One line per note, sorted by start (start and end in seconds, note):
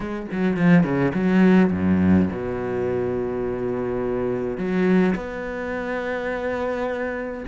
0.00 0.26 G#3
0.31 0.56 F#3
0.56 0.83 F3
0.83 1.12 C#3
1.14 1.71 F#3
1.71 2.28 F#2
2.32 4.57 B2
4.57 5.14 F#3
5.15 7.43 B3